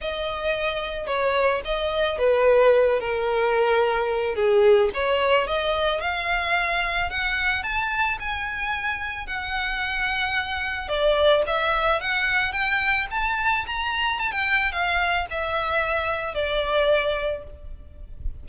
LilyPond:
\new Staff \with { instrumentName = "violin" } { \time 4/4 \tempo 4 = 110 dis''2 cis''4 dis''4 | b'4. ais'2~ ais'8 | gis'4 cis''4 dis''4 f''4~ | f''4 fis''4 a''4 gis''4~ |
gis''4 fis''2. | d''4 e''4 fis''4 g''4 | a''4 ais''4 a''16 g''8. f''4 | e''2 d''2 | }